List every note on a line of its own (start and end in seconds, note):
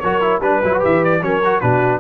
0.00 0.40 F#3
0.00 0.21 F#4
0.00 0.42 A#4
0.00 0.40 C#5
0.21 0.41 E4
0.40 0.60 G3
0.40 0.63 D4
0.40 0.82 B4
0.40 1.22 B4
0.63 0.83 F#3
0.63 0.73 E4
0.73 0.80 F#4
0.80 1.22 E3
0.80 1.20 G4
0.80 1.04 E5
1.04 1.23 D5
1.22 1.62 F#3
1.22 1.43 C#4
1.22 1.63 A#4
1.22 1.60 C#5
1.44 1.62 F#4
1.60 2.00 B2
1.60 2.00 D4
1.60 2.00 F#4
1.60 2.00 B4